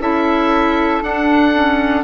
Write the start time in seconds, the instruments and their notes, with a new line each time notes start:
0.00 bassoon C#4, clarinet E4, flute A4, oboe E5
1.02 clarinet D4, bassoon D4, oboe F#5
1.54 clarinet C#4